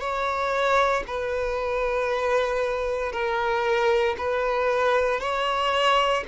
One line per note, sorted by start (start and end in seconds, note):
0.00 1.03 C#5
1.07 3.12 B4
3.12 4.16 A#4
4.18 5.21 B4
5.21 6.24 C#5